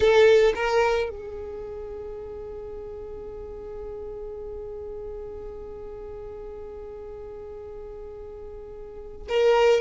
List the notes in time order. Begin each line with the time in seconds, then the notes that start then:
0.00 A4
0.55 A#4
1.09 G#4
9.29 A#4